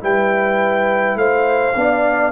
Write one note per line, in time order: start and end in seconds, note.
0.00 1.15 G3
0.00 1.73 E4
0.00 1.19 B4
0.00 1.18 G5
1.15 1.73 A3
1.15 1.77 C5
1.15 2.32 F5
1.75 2.32 B3
1.75 2.32 D4
1.75 2.32 D5